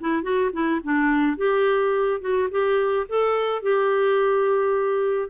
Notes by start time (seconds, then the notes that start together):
0.00 E4
0.23 F#4
0.53 E4
0.83 D4
1.37 G4
2.21 F#4
2.51 G4
3.09 A4
3.62 G4